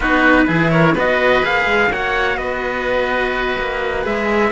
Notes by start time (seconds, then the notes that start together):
0.00 B3 D#4 F#4 B4
0.46 E3 E4 G#4
0.70 A#4 C#5
0.94 B3 F#4 B4 D#5
1.43 A#3 G#4 F5
1.65 G#3
1.90 A#3 F#4 C#5 F#5
2.37 B3 B4 D#5
3.58 A#3
4.03 G#3 G#4 E5